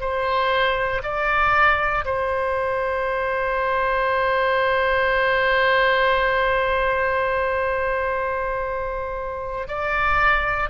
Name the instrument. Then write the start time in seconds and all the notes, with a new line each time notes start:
oboe
0.00 C5
1.03 D5
2.05 C5
9.67 D5